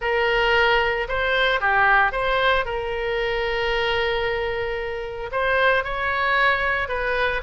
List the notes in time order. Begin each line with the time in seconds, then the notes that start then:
0.01 A#4
1.08 C5
1.60 G4
2.11 C5
2.65 A#4
5.31 C5
5.84 C#5
6.88 B4